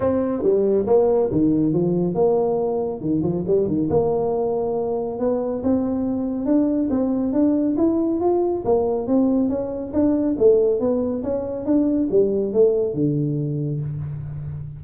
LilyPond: \new Staff \with { instrumentName = "tuba" } { \time 4/4 \tempo 4 = 139 c'4 g4 ais4 dis4 | f4 ais2 dis8 f8 | g8 dis8 ais2. | b4 c'2 d'4 |
c'4 d'4 e'4 f'4 | ais4 c'4 cis'4 d'4 | a4 b4 cis'4 d'4 | g4 a4 d2 | }